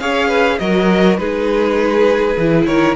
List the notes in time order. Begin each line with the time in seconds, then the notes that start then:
0.00 C#4 G#4 C#5 F5
0.28 B4
0.59 F#3 F#4 A#4 D#5
1.17 G#3 D#4 G#4 B4
2.37 E3 E4
2.65 D#3 A#4 C#5